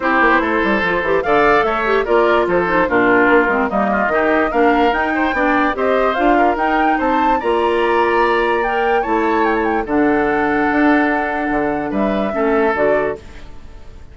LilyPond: <<
  \new Staff \with { instrumentName = "flute" } { \time 4/4 \tempo 4 = 146 c''2. f''4 | e''4 d''4 c''4 ais'4~ | ais'4 dis''2 f''4 | g''2 dis''4 f''4 |
g''4 a''4 ais''2~ | ais''4 g''4 a''4 g''16 a''16 g''8 | fis''1~ | fis''4 e''2 d''4 | }
  \new Staff \with { instrumentName = "oboe" } { \time 4/4 g'4 a'2 d''4 | cis''4 ais'4 a'4 f'4~ | f'4 dis'8 f'8 g'4 ais'4~ | ais'8 c''8 d''4 c''4. ais'8~ |
ais'4 c''4 d''2~ | d''2 cis''2 | a'1~ | a'4 b'4 a'2 | }
  \new Staff \with { instrumentName = "clarinet" } { \time 4/4 e'2 f'8 g'8 a'4~ | a'8 g'8 f'4. dis'8 d'4~ | d'8 c'8 ais4 dis'4 d'4 | dis'4 d'4 g'4 f'4 |
dis'2 f'2~ | f'4 ais'4 e'2 | d'1~ | d'2 cis'4 fis'4 | }
  \new Staff \with { instrumentName = "bassoon" } { \time 4/4 c'8 ais16 b16 a8 g8 f8 e8 d4 | a4 ais4 f4 ais,4 | ais8 gis8 g4 dis4 ais4 | dis'4 b4 c'4 d'4 |
dis'4 c'4 ais2~ | ais2 a2 | d2 d'2 | d4 g4 a4 d4 | }
>>